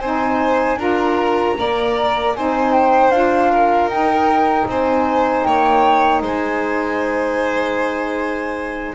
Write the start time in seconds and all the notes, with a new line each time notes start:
0.00 C4 D#4 C5 G#5
0.76 D4 F4 A#4 A#5
1.57 A#3 A#4 D5
2.34 C4 D#4 C5 G#5
2.72 G5
3.09 D4 F4 F5
3.51 A#4
3.86 D#4 G5
4.67 C4 C5 G#5
5.43 A#3 C#5 G5
6.21 G#3 C5 G#5